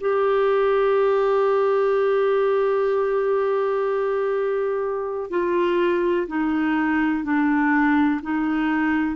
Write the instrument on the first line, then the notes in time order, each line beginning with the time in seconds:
clarinet
0.00 G4
5.30 F4
6.28 D#4
7.24 D4
8.22 D#4